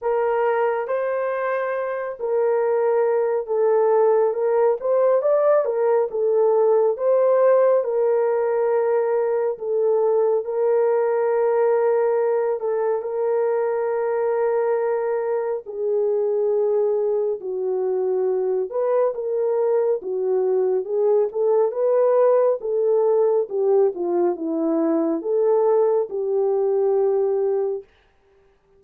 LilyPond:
\new Staff \with { instrumentName = "horn" } { \time 4/4 \tempo 4 = 69 ais'4 c''4. ais'4. | a'4 ais'8 c''8 d''8 ais'8 a'4 | c''4 ais'2 a'4 | ais'2~ ais'8 a'8 ais'4~ |
ais'2 gis'2 | fis'4. b'8 ais'4 fis'4 | gis'8 a'8 b'4 a'4 g'8 f'8 | e'4 a'4 g'2 | }